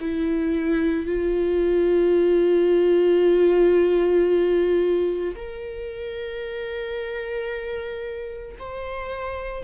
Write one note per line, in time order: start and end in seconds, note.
0.00 1.06 E4
1.06 5.35 F4
5.35 8.57 A#4
8.59 9.63 C5